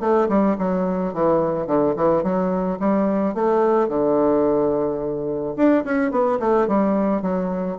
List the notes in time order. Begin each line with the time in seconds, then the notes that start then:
0.00 A3
0.29 G3
0.58 F#3
1.13 E3
1.67 D3
1.96 E3
2.23 F#3
2.80 G3
3.34 A3
3.88 D3
5.56 D4
5.84 C#4
6.11 B3
6.39 A3
6.67 G3
7.22 F#3